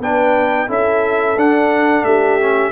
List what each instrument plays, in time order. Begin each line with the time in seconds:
0.00 tuba B3, trombone D4, horn B4, trumpet G5
0.68 tuba C#4, trombone E4, horn A4, trumpet E5
1.37 tuba D4, trombone D4, trumpet F#5
2.03 tuba A3, horn G4, trumpet E5
2.41 trombone C#4